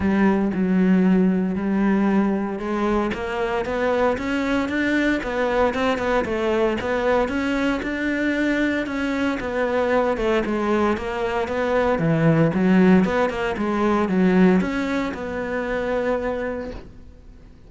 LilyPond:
\new Staff \with { instrumentName = "cello" } { \time 4/4 \tempo 4 = 115 g4 fis2 g4~ | g4 gis4 ais4 b4 | cis'4 d'4 b4 c'8 b8 | a4 b4 cis'4 d'4~ |
d'4 cis'4 b4. a8 | gis4 ais4 b4 e4 | fis4 b8 ais8 gis4 fis4 | cis'4 b2. | }